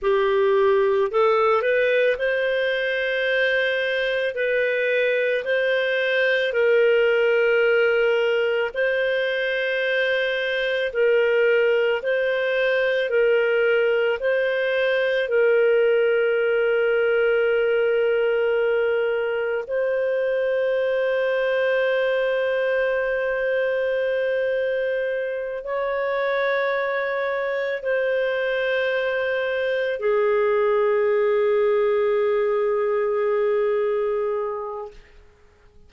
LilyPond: \new Staff \with { instrumentName = "clarinet" } { \time 4/4 \tempo 4 = 55 g'4 a'8 b'8 c''2 | b'4 c''4 ais'2 | c''2 ais'4 c''4 | ais'4 c''4 ais'2~ |
ais'2 c''2~ | c''2.~ c''8 cis''8~ | cis''4. c''2 gis'8~ | gis'1 | }